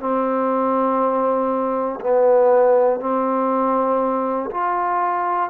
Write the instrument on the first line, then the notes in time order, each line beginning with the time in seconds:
trombone
0.00 C4
2.01 B3
3.00 C4
4.51 F4